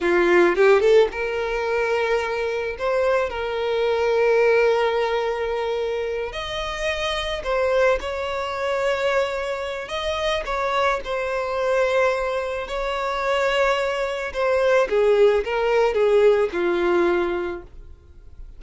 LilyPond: \new Staff \with { instrumentName = "violin" } { \time 4/4 \tempo 4 = 109 f'4 g'8 a'8 ais'2~ | ais'4 c''4 ais'2~ | ais'2.~ ais'8 dis''8~ | dis''4. c''4 cis''4.~ |
cis''2 dis''4 cis''4 | c''2. cis''4~ | cis''2 c''4 gis'4 | ais'4 gis'4 f'2 | }